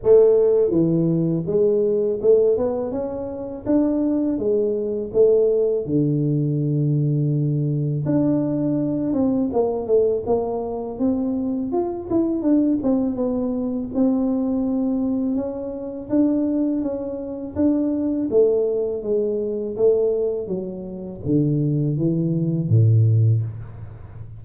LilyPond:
\new Staff \with { instrumentName = "tuba" } { \time 4/4 \tempo 4 = 82 a4 e4 gis4 a8 b8 | cis'4 d'4 gis4 a4 | d2. d'4~ | d'8 c'8 ais8 a8 ais4 c'4 |
f'8 e'8 d'8 c'8 b4 c'4~ | c'4 cis'4 d'4 cis'4 | d'4 a4 gis4 a4 | fis4 d4 e4 a,4 | }